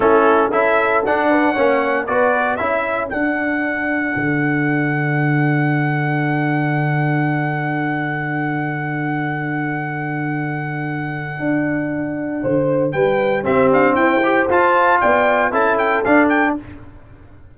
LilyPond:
<<
  \new Staff \with { instrumentName = "trumpet" } { \time 4/4 \tempo 4 = 116 a'4 e''4 fis''2 | d''4 e''4 fis''2~ | fis''1~ | fis''1~ |
fis''1~ | fis''1~ | fis''4 g''4 e''8 f''8 g''4 | a''4 g''4 a''8 g''8 f''8 g''8 | }
  \new Staff \with { instrumentName = "horn" } { \time 4/4 e'4 a'4. b'8 cis''4 | b'4 a'2.~ | a'1~ | a'1~ |
a'1~ | a'1 | c''4 b'4 g'4 c''4~ | c''4 d''4 a'2 | }
  \new Staff \with { instrumentName = "trombone" } { \time 4/4 cis'4 e'4 d'4 cis'4 | fis'4 e'4 d'2~ | d'1~ | d'1~ |
d'1~ | d'1~ | d'2 c'4. g'8 | f'2 e'4 d'4 | }
  \new Staff \with { instrumentName = "tuba" } { \time 4/4 a4 cis'4 d'4 ais4 | b4 cis'4 d'2 | d1~ | d1~ |
d1~ | d2 d'2 | d4 g4 c'8 d'8 e'4 | f'4 b4 cis'4 d'4 | }
>>